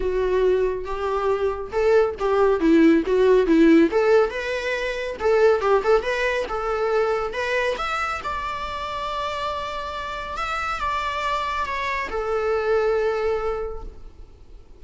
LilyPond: \new Staff \with { instrumentName = "viola" } { \time 4/4 \tempo 4 = 139 fis'2 g'2 | a'4 g'4 e'4 fis'4 | e'4 a'4 b'2 | a'4 g'8 a'8 b'4 a'4~ |
a'4 b'4 e''4 d''4~ | d''1 | e''4 d''2 cis''4 | a'1 | }